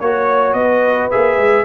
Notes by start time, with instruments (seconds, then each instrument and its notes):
0.00 tuba A#3, trombone F#4, trumpet C#5, horn C#5
0.53 tuba B3, horn B4, trumpet D#5
1.11 tuba A#3, trombone G#4, trumpet E5
1.37 tuba G#3